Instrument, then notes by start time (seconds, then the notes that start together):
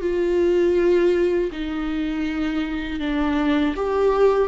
viola
0.00 F4
1.51 D#4
3.00 D4
3.75 G4